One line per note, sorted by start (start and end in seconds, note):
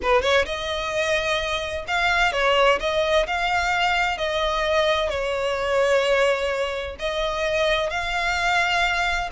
0.02 0.22 B4
0.22 0.45 C#5
0.45 1.85 D#5
1.87 2.32 F5
2.32 2.79 C#5
2.79 3.26 D#5
3.26 4.17 F5
4.17 5.09 D#5
5.09 6.95 C#5
6.99 7.90 D#5
7.90 9.29 F5